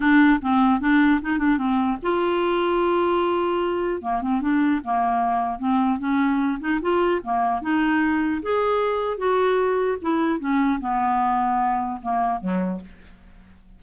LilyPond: \new Staff \with { instrumentName = "clarinet" } { \time 4/4 \tempo 4 = 150 d'4 c'4 d'4 dis'8 d'8 | c'4 f'2.~ | f'2 ais8 c'8 d'4 | ais2 c'4 cis'4~ |
cis'8 dis'8 f'4 ais4 dis'4~ | dis'4 gis'2 fis'4~ | fis'4 e'4 cis'4 b4~ | b2 ais4 fis4 | }